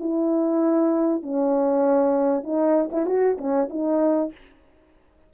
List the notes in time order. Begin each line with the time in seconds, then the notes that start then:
0.00 E4
1.23 C#4
2.43 D#4
2.92 E4
3.06 F#4
3.38 C#4
3.70 D#4